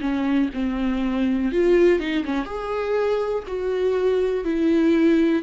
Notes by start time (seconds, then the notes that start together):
0.00 C#4
0.53 C4
1.52 F4
1.99 D#4
2.24 C#4
2.45 G#4
3.47 F#4
4.44 E4